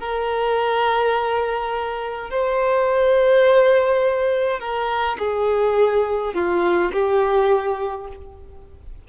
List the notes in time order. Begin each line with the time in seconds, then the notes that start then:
0.00 A#4
2.30 C5
4.60 A#4
5.19 G#4
6.34 F4
6.92 G4